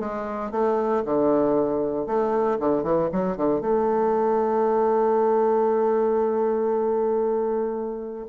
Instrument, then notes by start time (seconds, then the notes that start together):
bassoon
0.00 G#3
0.52 A3
1.06 D3
2.07 A3
2.60 D3
2.84 E3
3.13 F#3
3.37 D3
3.61 A3